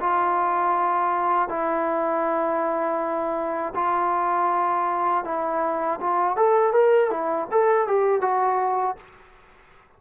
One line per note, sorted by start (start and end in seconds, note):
0.00 1.49 F4
1.49 3.74 E4
3.75 5.25 F4
5.25 6.00 E4
6.01 6.36 F4
6.36 6.73 A4
6.73 7.10 A#4
7.10 7.48 E4
7.51 7.88 A4
7.88 8.22 G4
8.22 8.97 F#4